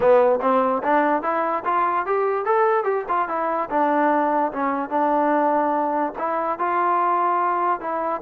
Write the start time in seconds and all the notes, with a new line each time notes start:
0.00 B3
0.41 C4
0.83 D4
1.22 E4
1.64 F4
2.05 G4
2.45 A4
2.84 G4
3.08 F4
3.28 E4
3.69 D4
4.52 C#4
4.89 D4
6.18 E4
6.58 F4
7.80 E4